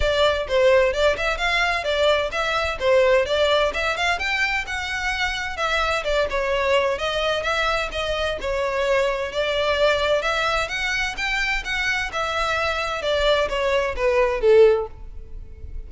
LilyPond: \new Staff \with { instrumentName = "violin" } { \time 4/4 \tempo 4 = 129 d''4 c''4 d''8 e''8 f''4 | d''4 e''4 c''4 d''4 | e''8 f''8 g''4 fis''2 | e''4 d''8 cis''4. dis''4 |
e''4 dis''4 cis''2 | d''2 e''4 fis''4 | g''4 fis''4 e''2 | d''4 cis''4 b'4 a'4 | }